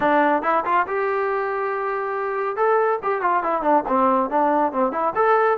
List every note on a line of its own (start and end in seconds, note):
0.00 0.42 D4
0.42 0.64 E4
0.65 0.86 F4
0.87 2.56 G4
2.56 2.99 A4
3.02 3.21 G4
3.21 3.43 F4
3.43 3.62 E4
3.62 3.83 D4
3.88 4.30 C4
4.30 4.72 D4
4.72 4.92 C4
4.92 5.13 E4
5.15 5.58 A4